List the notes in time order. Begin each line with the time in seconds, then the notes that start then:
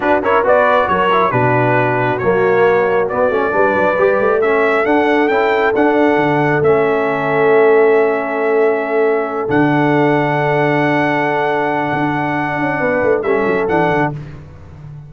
0.00 D4 F#4 B4
0.21 C#4 E4 A#4 C#5
0.43 B3 F#4 B4 D5
0.87 F#3 A#4 C#5
1.12 E4
1.31 B2 D4 F#4 B4
2.18 F#3 A#3 C#5
3.08 B3 D5
3.30 A3 C#4
3.51 G3 D4 B4
3.74 F#3
3.98 G3 G4
4.20 A3
4.41 C#4 A4 E5
4.85 D4 F#5
5.27 C#4 E4 G5
5.74 D4 F#5
6.16 D3
6.61 A3 C#4 E5
9.49 D3 D4 F#5
11.93 D4
12.58 C#4
12.79 B3 B4
13.02 A3
13.22 G3 C#4 A4 E5
13.47 F#3
13.68 E3 D4 F#5
13.90 D3